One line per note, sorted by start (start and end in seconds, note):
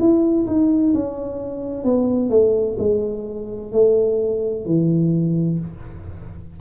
0.00 0.47 E4
0.47 0.94 D#4
0.95 1.85 C#4
1.85 2.30 B3
2.30 2.77 A3
2.79 3.72 G#3
3.72 4.66 A3
4.66 5.60 E3